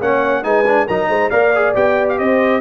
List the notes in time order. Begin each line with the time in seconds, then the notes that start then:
0.00 A#3 C#4 C#5 F#5
0.44 G#3 D#4 B4 G#5
0.67 D4
0.87 F#3 D#4 A#4 A#5
1.09 G#3 C5
1.30 A#3 A#4 D5 F5
1.56 G#4
1.75 B3 G4 G5
2.09 F5
2.19 C4 C5 D#5